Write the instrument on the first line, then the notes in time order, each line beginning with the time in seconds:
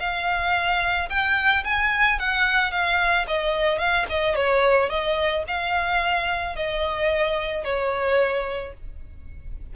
violin
0.00 F5
1.09 G5
1.64 G#5
2.19 F#5
2.71 F5
3.28 D#5
3.79 F5
4.10 D#5
4.36 C#5
4.89 D#5
5.48 F5
6.56 D#5
7.64 C#5